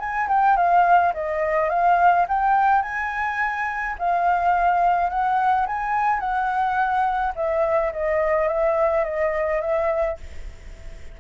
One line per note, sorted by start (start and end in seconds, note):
0.00 0.28 G#5
0.29 0.57 G5
0.57 1.13 F5
1.14 1.70 D#5
1.70 2.27 F5
2.28 2.83 G5
2.83 3.96 G#5
3.99 5.10 F5
5.10 5.67 F#5
5.67 6.20 G#5
6.20 7.33 F#5
7.36 7.92 E5
7.93 8.48 D#5
8.48 9.05 E5
9.05 9.61 D#5
9.61 10.18 E5